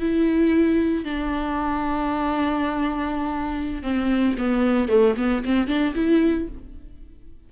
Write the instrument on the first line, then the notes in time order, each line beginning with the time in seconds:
viola
0.00 E4
1.04 D4
3.82 C4
4.38 B3
4.88 A3
5.17 B3
5.44 C4
5.67 D4
5.95 E4